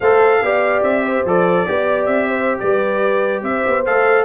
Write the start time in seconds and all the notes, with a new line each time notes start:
0.00 A3 A4 C5 F5
0.41 B3 G4 D5
0.82 C4 E5
1.04 C5
1.24 F3 A4 D5
1.66 B3 G4 D5
2.05 C4 E5
2.28 C5
2.59 G3 B4 D5
3.42 C4 C5 E5
3.66 B3
3.85 A3 A4 F5